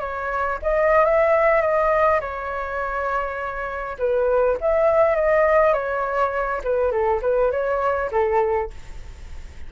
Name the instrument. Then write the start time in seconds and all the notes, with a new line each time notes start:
flute
0.00 C#5
0.63 D#5
1.05 E5
1.61 D#5
2.21 C#5
3.99 B4
4.61 E5
5.16 D#5
5.74 C#5
6.64 B4
6.92 A4
7.22 B4
7.52 C#5
8.12 A4